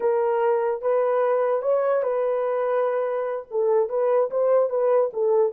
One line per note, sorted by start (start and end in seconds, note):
0.00 0.81 A#4
0.81 1.62 B4
1.62 2.02 C#5
2.02 3.45 B4
3.50 3.89 A4
3.89 4.29 B4
4.30 4.69 C5
4.69 5.10 B4
5.13 5.52 A4